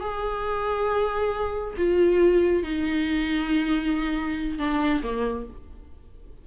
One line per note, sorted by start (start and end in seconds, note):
0.00 1.74 G#4
1.77 2.63 F4
2.63 4.58 D#4
4.58 5.02 D4
5.03 5.46 A#3